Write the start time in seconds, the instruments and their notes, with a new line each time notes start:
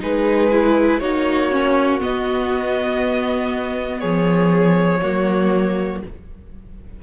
0.00 cello G#3, viola D#4, violin G#4 B4
0.52 viola E4
1.00 cello A#3, viola D#4, violin F#4 C#5
1.51 viola C#4
2.01 viola B3, cello B3, violin D#5
4.00 cello F3, violin G#4 C#5
5.02 cello F#3, viola A#3, violin F#4